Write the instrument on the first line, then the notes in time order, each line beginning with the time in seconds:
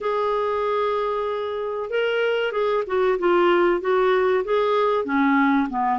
clarinet
0.01 G#4
1.89 A#4
2.51 G#4
2.87 F#4
3.18 F4
3.80 F#4
4.44 G#4
5.04 C#4
5.69 B3